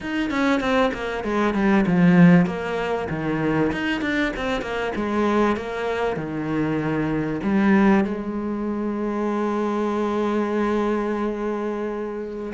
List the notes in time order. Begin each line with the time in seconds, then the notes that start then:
0.01 D#4
0.30 C#4
0.60 C4
0.93 A#3
1.23 G#3
1.54 G3
1.86 F3
2.46 A#3
3.09 D#3
3.72 D#4
4.01 D4
4.36 C4
4.61 A#3
4.95 G#3
5.56 A#3
6.16 D#3
7.43 G3
8.04 G#3